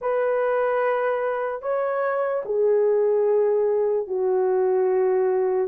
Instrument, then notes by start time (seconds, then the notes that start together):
horn
0.01 B4
1.61 C#5
2.45 G#4
4.07 F#4